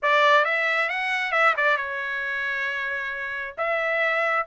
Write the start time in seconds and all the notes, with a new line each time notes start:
0.02 D5
0.44 E5
0.89 F#5
1.32 E5
1.57 D5
1.77 C#5
3.57 E5